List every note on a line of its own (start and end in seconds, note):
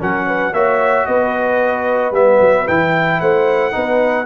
0.00 0.53 F#3
0.00 0.54 C#4
0.00 0.27 A#4
0.00 0.54 F#5
0.27 0.54 B4
0.53 1.06 A#3
0.53 2.14 F#4
0.53 1.08 C#5
0.53 1.07 E5
1.07 2.12 B3
1.07 3.21 B4
1.07 2.14 D#5
2.12 2.39 G3
2.12 2.67 B3
2.12 2.68 E5
2.41 2.67 F#3
2.67 3.21 E3
2.67 3.72 E4
2.67 3.21 G5
3.21 3.75 A3
3.21 3.74 C5
3.21 4.26 F#5
3.72 4.26 B3
3.72 4.26 D#4
3.72 4.26 B4